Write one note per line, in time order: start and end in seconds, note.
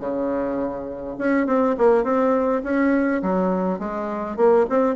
0.00 1.17 C#3
1.18 1.47 C#4
1.47 1.76 C4
1.78 2.04 A#3
2.04 2.62 C4
2.64 3.22 C#4
3.23 3.79 F#3
3.79 4.37 G#3
4.37 4.66 A#3
4.69 4.96 C4